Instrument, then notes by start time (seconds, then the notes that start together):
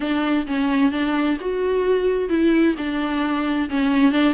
viola
0.00 D4
0.46 C#4
0.91 D4
1.40 F#4
2.29 E4
2.77 D4
3.69 C#4
4.12 D4